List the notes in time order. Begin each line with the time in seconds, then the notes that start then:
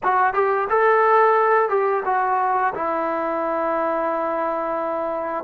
0.03 F#4
0.33 G4
0.69 A4
1.69 G4
2.05 F#4
2.75 E4